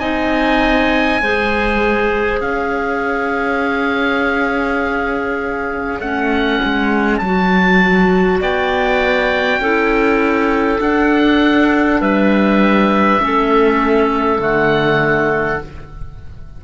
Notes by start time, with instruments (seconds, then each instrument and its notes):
0.00 cello C4, clarinet D#4 D#5, oboe G#5
1.21 cello G#3, clarinet G#4 C5
2.41 cello C#4, clarinet C#5, oboe F5
6.00 cello A3, clarinet C#4, oboe F#5
6.65 cello G#3
7.18 cello F#3, oboe A5
7.25 clarinet F#4
8.41 cello B3, clarinet D5, oboe G5
9.59 cello C#4, clarinet E4 A4
10.79 clarinet D4, cello D4, oboe F#5
12.01 cello G3, clarinet B4, oboe E5
13.20 cello A3, clarinet C#4 A4
14.39 cello D3, clarinet A3, oboe F#5